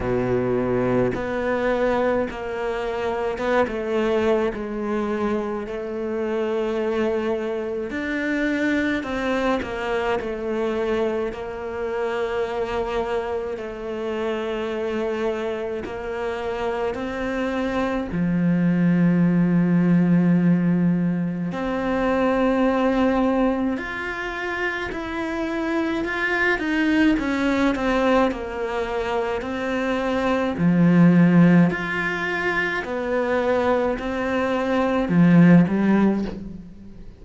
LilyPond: \new Staff \with { instrumentName = "cello" } { \time 4/4 \tempo 4 = 53 b,4 b4 ais4 b16 a8. | gis4 a2 d'4 | c'8 ais8 a4 ais2 | a2 ais4 c'4 |
f2. c'4~ | c'4 f'4 e'4 f'8 dis'8 | cis'8 c'8 ais4 c'4 f4 | f'4 b4 c'4 f8 g8 | }